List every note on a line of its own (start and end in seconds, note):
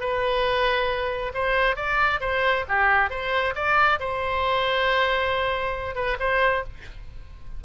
0.00 1.32 B4
1.34 1.76 C5
1.76 2.20 D5
2.20 2.65 C5
2.68 3.10 G4
3.10 3.54 C5
3.55 3.99 D5
3.99 5.95 C5
5.95 6.17 B4
6.19 6.63 C5